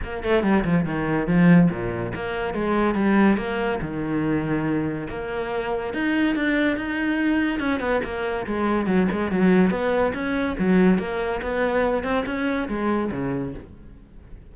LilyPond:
\new Staff \with { instrumentName = "cello" } { \time 4/4 \tempo 4 = 142 ais8 a8 g8 f8 dis4 f4 | ais,4 ais4 gis4 g4 | ais4 dis2. | ais2 dis'4 d'4 |
dis'2 cis'8 b8 ais4 | gis4 fis8 gis8 fis4 b4 | cis'4 fis4 ais4 b4~ | b8 c'8 cis'4 gis4 cis4 | }